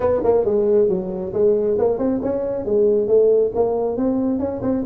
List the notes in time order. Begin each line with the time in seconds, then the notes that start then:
0.00 B3
0.23 A#3
0.45 G#3
0.88 F#3
1.33 G#3
1.78 A#3
1.98 C4
2.22 C#4
2.65 G#3
3.07 A3
3.54 A#3
3.96 C4
4.39 C#4
4.62 C4